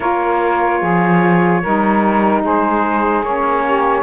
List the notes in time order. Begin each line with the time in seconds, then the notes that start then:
0.00 A#3 F4 A#4 C#5
0.80 F3 G#4
1.62 G3 D#4 A#4
2.42 G#3 G#4 C5
3.22 A#3 C#4 C#5
3.64 G4